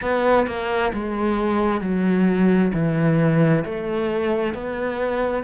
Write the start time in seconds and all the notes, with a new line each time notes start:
0.01 B3
0.47 A#3
0.93 G#3
1.81 F#3
2.73 E3
3.64 A3
4.53 B3